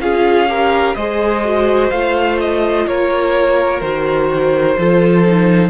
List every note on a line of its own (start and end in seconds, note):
0.00 0.95 C#4
0.00 0.48 F4
0.00 0.50 G#4
0.00 0.95 F5
0.48 0.95 G4
0.48 0.96 A#4
0.95 1.91 G#3
0.95 1.44 G#4
0.95 2.86 C5
0.95 1.90 D#5
1.44 1.92 F#4
1.90 2.87 A3
1.90 3.81 F4
1.90 2.37 F5
2.39 2.87 D#5
2.87 3.81 A#3
2.87 4.78 A#4
2.87 3.80 C#5
3.80 4.76 D#3
3.80 4.77 F#4
3.80 5.69 C5
4.77 5.69 F3
4.77 5.25 F4
4.77 5.69 A4
5.25 5.69 D#4